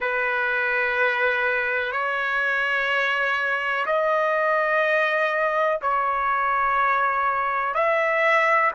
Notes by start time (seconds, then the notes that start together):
0.00 B4
1.92 C#5
3.85 D#5
5.81 C#5
7.74 E5